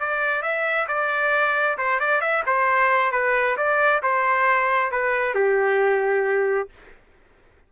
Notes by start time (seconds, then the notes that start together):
0.00 D5
0.42 E5
0.88 D5
1.78 C5
2.00 D5
2.21 E5
2.46 C5
3.12 B4
3.57 D5
4.03 C5
4.92 B4
5.35 G4